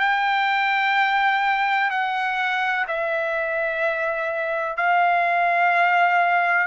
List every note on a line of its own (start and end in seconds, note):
0.00 1.90 G5
1.90 2.86 F#5
2.88 4.77 E5
4.77 6.67 F5